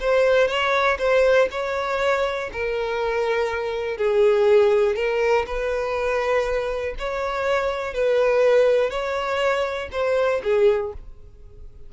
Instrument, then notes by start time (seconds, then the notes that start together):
violin
0.00 C5
0.48 C#5
0.98 C5
1.51 C#5
2.52 A#4
3.97 G#4
4.95 A#4
5.46 B4
6.98 C#5
7.93 B4
8.90 C#5
9.91 C5
10.43 G#4